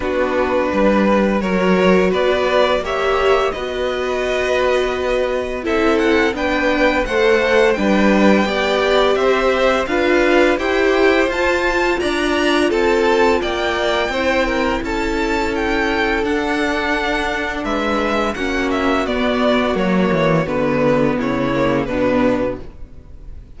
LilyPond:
<<
  \new Staff \with { instrumentName = "violin" } { \time 4/4 \tempo 4 = 85 b'2 cis''4 d''4 | e''4 dis''2. | e''8 fis''8 g''4 fis''4 g''4~ | g''4 e''4 f''4 g''4 |
a''4 ais''4 a''4 g''4~ | g''4 a''4 g''4 fis''4~ | fis''4 e''4 fis''8 e''8 d''4 | cis''4 b'4 cis''4 b'4 | }
  \new Staff \with { instrumentName = "violin" } { \time 4/4 fis'4 b'4 ais'4 b'4 | cis''4 b'2. | a'4 b'4 c''4 b'4 | d''4 c''4 b'4 c''4~ |
c''4 d''4 a'4 d''4 | c''8 ais'8 a'2.~ | a'4 b'4 fis'2~ | fis'2 e'4 d'4 | }
  \new Staff \with { instrumentName = "viola" } { \time 4/4 d'2 fis'2 | g'4 fis'2. | e'4 d'4 a'4 d'4 | g'2 f'4 g'4 |
f'1 | e'2. d'4~ | d'2 cis'4 b4 | ais4 b4. ais8 b4 | }
  \new Staff \with { instrumentName = "cello" } { \time 4/4 b4 g4 fis4 b4 | ais4 b2. | c'4 b4 a4 g4 | b4 c'4 d'4 e'4 |
f'4 d'4 c'4 ais4 | c'4 cis'2 d'4~ | d'4 gis4 ais4 b4 | fis8 e8 d4 cis4 b,4 | }
>>